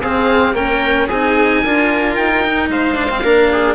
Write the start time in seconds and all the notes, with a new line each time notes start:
0.00 C4 G#4 F5
0.53 A#3 C#4 A#4 G5
1.06 C4 D#4 G#4 G#5
1.63 D4 F4 A#4
2.15 D#4 G5
2.44 D#4
2.68 G#3 C5 F5
2.95 D4
3.10 C4
3.23 A#3 D4 A#4
3.52 G#4